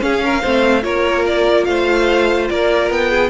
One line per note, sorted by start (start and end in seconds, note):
0.00 0.41 C#4
0.00 0.42 C#4
0.00 0.24 G#4
0.00 0.84 F5
0.24 0.41 A#4
0.41 0.84 A3
0.41 0.82 C4
0.41 0.82 C5
0.82 1.67 A#3
0.82 3.30 F4
0.82 1.68 A#4
0.82 1.25 C#5
1.27 1.65 D5
1.65 2.50 A3
1.65 2.52 C5
1.65 2.48 F5
2.50 2.90 A#3
2.50 3.11 A#4
2.50 2.91 D5
2.90 3.30 B3
2.90 3.30 G5
3.11 3.30 G#4